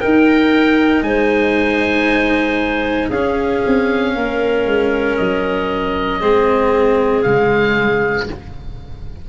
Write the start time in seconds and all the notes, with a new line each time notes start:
0.00 D#4 A#4 G5
1.02 G#3 C5 G#5
3.09 C#4 G#4 F5
3.66 C4
4.15 A#3 A#4
4.66 G#3
5.17 F#3 D#5
6.20 G#3 C4 G#4
7.22 C#3 G#3 F5